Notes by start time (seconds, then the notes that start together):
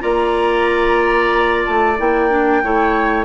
0.00 A#3 F4 D5 A#5
1.65 A3 A5
1.98 A#3 E4 G5
2.30 D4
2.63 A3 E4 C#5